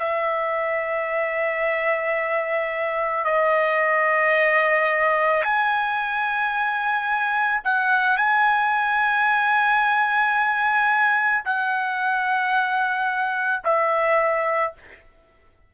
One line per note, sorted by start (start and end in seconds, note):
0.00 3.25 E5
3.25 5.43 D#5
5.43 7.62 G#5
7.65 8.18 F#5
8.18 11.45 G#5
11.45 13.64 F#5
13.65 14.74 E5